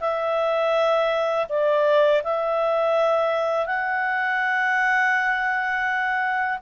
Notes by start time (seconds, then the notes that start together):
0.00 E5
1.49 D5
2.24 E5
3.66 F#5